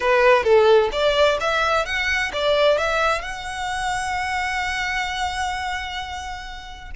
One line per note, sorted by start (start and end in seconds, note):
0.00 0.43 B4
0.43 0.89 A4
0.91 1.38 D5
1.40 1.85 E5
1.85 2.31 F#5
2.32 2.78 D5
2.78 3.21 E5
3.21 6.90 F#5